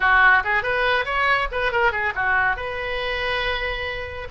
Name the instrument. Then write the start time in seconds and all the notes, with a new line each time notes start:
oboe
0.00 F#4
0.43 G#4
0.63 B4
1.05 C#5
1.51 B4
1.71 A#4
1.91 G#4
2.15 F#4
2.56 B4